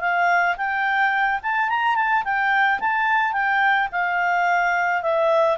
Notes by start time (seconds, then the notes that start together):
0.00 F5
0.57 G5
1.42 A5
1.69 A#5
1.95 A5
2.24 G5
2.80 A5
3.32 G5
3.92 F5
5.02 E5